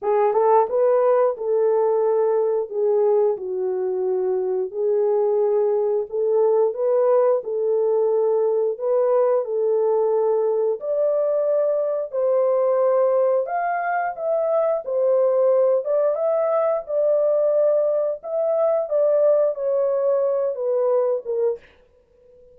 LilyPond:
\new Staff \with { instrumentName = "horn" } { \time 4/4 \tempo 4 = 89 gis'8 a'8 b'4 a'2 | gis'4 fis'2 gis'4~ | gis'4 a'4 b'4 a'4~ | a'4 b'4 a'2 |
d''2 c''2 | f''4 e''4 c''4. d''8 | e''4 d''2 e''4 | d''4 cis''4. b'4 ais'8 | }